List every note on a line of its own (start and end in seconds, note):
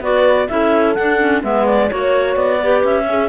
0.00 0.47 B3
0.00 0.48 F#4
0.00 0.49 B4
0.00 0.48 D5
0.48 0.97 C#4
0.48 0.95 E4
0.48 1.43 A4
0.48 0.94 E5
0.94 1.43 D4
0.94 1.19 D4
0.94 1.41 F#5
1.19 1.42 C#4
1.42 1.90 G#3
1.42 1.89 B3
1.42 1.90 B4
1.42 1.66 E5
1.66 1.89 D5
1.89 2.36 A#3
1.89 2.59 F#4
1.89 2.36 C#5
1.89 2.57 C#5
2.36 2.83 B3
2.36 2.83 D5
2.57 3.04 G4
2.57 3.03 B4
2.83 3.29 C#4
2.83 3.29 E5
3.04 3.27 C#4
3.04 3.29 G#4